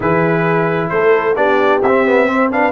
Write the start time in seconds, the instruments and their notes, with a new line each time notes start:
0.00 tuba E3, trombone E4, horn G#4, trumpet B4
0.89 tuba A3, horn A4, trumpet C5
1.34 tuba B3, trombone D4, horn G4, trumpet D5
1.82 tuba C4, trombone C4, trumpet E5
2.06 trombone B3
2.28 trombone C4, horn C5
2.51 trombone D4, horn B4, trumpet F5